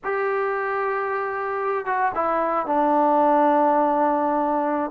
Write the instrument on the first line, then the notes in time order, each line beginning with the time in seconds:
trombone
0.03 G4
1.85 F#4
2.15 E4
2.66 D4